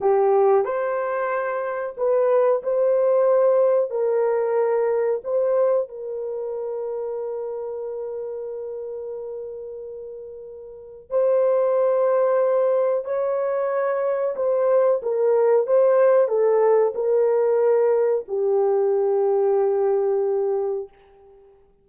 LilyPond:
\new Staff \with { instrumentName = "horn" } { \time 4/4 \tempo 4 = 92 g'4 c''2 b'4 | c''2 ais'2 | c''4 ais'2.~ | ais'1~ |
ais'4 c''2. | cis''2 c''4 ais'4 | c''4 a'4 ais'2 | g'1 | }